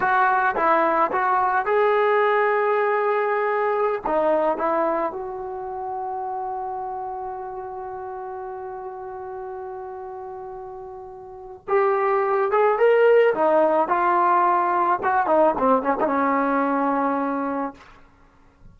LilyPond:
\new Staff \with { instrumentName = "trombone" } { \time 4/4 \tempo 4 = 108 fis'4 e'4 fis'4 gis'4~ | gis'2.~ gis'16 dis'8.~ | dis'16 e'4 fis'2~ fis'8.~ | fis'1~ |
fis'1~ | fis'4 g'4. gis'8 ais'4 | dis'4 f'2 fis'8 dis'8 | c'8 cis'16 dis'16 cis'2. | }